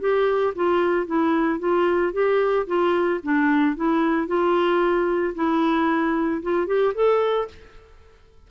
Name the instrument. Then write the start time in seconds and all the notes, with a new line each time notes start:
clarinet
0.00 G4
0.55 F4
1.06 E4
1.59 F4
2.13 G4
2.67 F4
3.23 D4
3.76 E4
4.27 F4
5.35 E4
6.43 F4
6.67 G4
6.94 A4